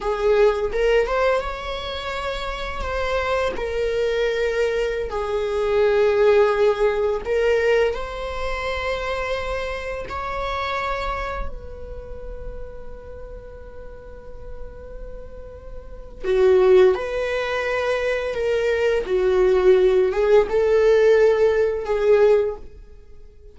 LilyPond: \new Staff \with { instrumentName = "viola" } { \time 4/4 \tempo 4 = 85 gis'4 ais'8 c''8 cis''2 | c''4 ais'2~ ais'16 gis'8.~ | gis'2~ gis'16 ais'4 c''8.~ | c''2~ c''16 cis''4.~ cis''16~ |
cis''16 b'2.~ b'8.~ | b'2. fis'4 | b'2 ais'4 fis'4~ | fis'8 gis'8 a'2 gis'4 | }